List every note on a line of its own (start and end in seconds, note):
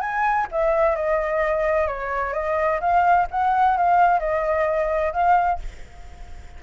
0.00 0.47 G#5
0.51 0.95 E5
0.95 1.87 D#5
1.87 2.33 C#5
2.33 2.79 D#5
2.80 3.27 F5
3.30 3.77 F#5
3.77 4.19 F5
4.19 5.12 D#5
5.12 5.59 F5